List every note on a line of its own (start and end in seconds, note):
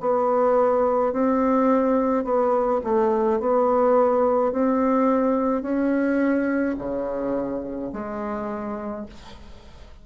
0.00 1.13 B3
1.13 2.24 C4
2.24 2.81 B3
2.84 3.40 A3
3.40 4.52 B3
4.52 5.62 C4
5.62 6.76 C#4
6.78 7.91 C#3
7.92 9.06 G#3